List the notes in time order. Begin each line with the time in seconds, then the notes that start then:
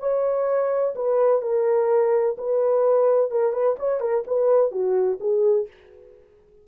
0.00 C#5
0.96 B4
1.42 A#4
2.38 B4
3.31 A#4
3.53 B4
3.79 C#5
4.01 A#4
4.27 B4
4.72 F#4
5.21 G#4